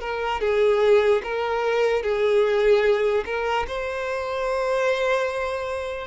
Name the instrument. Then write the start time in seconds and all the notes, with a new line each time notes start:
violin
0.00 A#4
0.41 G#4
1.23 A#4
2.02 G#4
3.25 A#4
3.67 C5